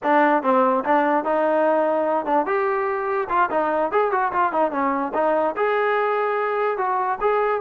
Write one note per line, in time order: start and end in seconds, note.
0.03 0.43 D4
0.43 0.84 C4
0.84 1.24 D4
1.24 2.25 D#4
2.25 2.46 D4
2.46 3.28 G4
3.29 3.49 F4
3.50 3.91 D#4
3.91 4.11 G#4
4.11 4.32 F#4
4.32 4.52 F4
4.52 4.71 D#4
4.71 5.12 C#4
5.14 5.55 D#4
5.56 6.77 G#4
6.77 7.18 F#4
7.20 7.61 G#4